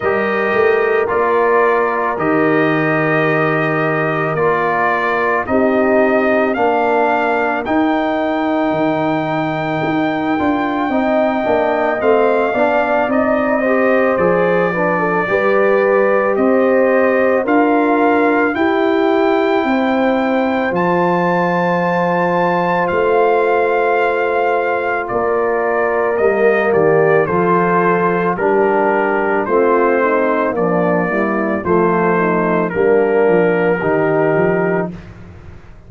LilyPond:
<<
  \new Staff \with { instrumentName = "trumpet" } { \time 4/4 \tempo 4 = 55 dis''4 d''4 dis''2 | d''4 dis''4 f''4 g''4~ | g''2. f''4 | dis''4 d''2 dis''4 |
f''4 g''2 a''4~ | a''4 f''2 d''4 | dis''8 d''8 c''4 ais'4 c''4 | d''4 c''4 ais'2 | }
  \new Staff \with { instrumentName = "horn" } { \time 4/4 ais'1~ | ais'4 g'4 ais'2~ | ais'2 dis''4. d''8~ | d''8 c''4 b'16 a'16 b'4 c''4 |
ais'4 g'4 c''2~ | c''2. ais'4~ | ais'8 g'8 a'4 g'4 f'8 dis'8 | d'8 e'8 f'8 dis'8 d'4 g'4 | }
  \new Staff \with { instrumentName = "trombone" } { \time 4/4 g'4 f'4 g'2 | f'4 dis'4 d'4 dis'4~ | dis'4. f'8 dis'8 d'8 c'8 d'8 | dis'8 g'8 gis'8 d'8 g'2 |
f'4 e'2 f'4~ | f'1 | ais4 f'4 d'4 c'4 | f8 g8 a4 ais4 dis'4 | }
  \new Staff \with { instrumentName = "tuba" } { \time 4/4 g8 a8 ais4 dis2 | ais4 c'4 ais4 dis'4 | dis4 dis'8 d'8 c'8 ais8 a8 b8 | c'4 f4 g4 c'4 |
d'4 e'4 c'4 f4~ | f4 a2 ais4 | g8 dis8 f4 g4 a4 | ais4 f4 g8 f8 dis8 f8 | }
>>